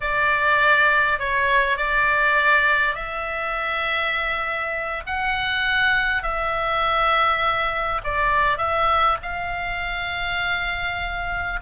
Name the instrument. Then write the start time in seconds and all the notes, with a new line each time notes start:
oboe
0.00 D5
1.19 C#5
1.77 D5
2.95 E5
5.06 F#5
6.22 E5
8.04 D5
8.57 E5
9.22 F5